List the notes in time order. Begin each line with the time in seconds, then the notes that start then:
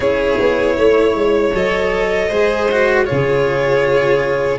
0.00 C#4 E4 G#4 C#5
0.39 B3
0.76 A3 C#5
1.14 G#3
1.53 F#3 A4 D#5
2.28 G#3 G#4 C5
2.71 F#4
3.05 C#3 F4 G#4 C#5